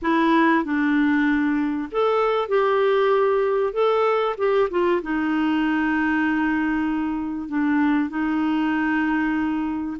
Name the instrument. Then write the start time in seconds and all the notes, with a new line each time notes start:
clarinet
0.02 E4
0.64 D4
1.91 A4
2.48 G4
3.73 A4
4.38 G4
4.70 F4
5.02 D#4
7.48 D4
8.09 D#4